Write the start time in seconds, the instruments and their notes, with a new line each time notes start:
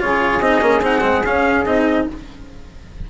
0.00 bassoon C#3, cello F4, saxophone G#4, trumpet C#5
0.40 bassoon C4, cello D#4, trumpet D#5
0.61 bassoon A#3, cello C#4
0.81 bassoon C4, cello D#4, trumpet F#5
1.01 bassoon G#3, cello C4
1.25 bassoon C#4, cello C#4, trumpet F5
1.66 bassoon C4, cello D#4, trumpet D#5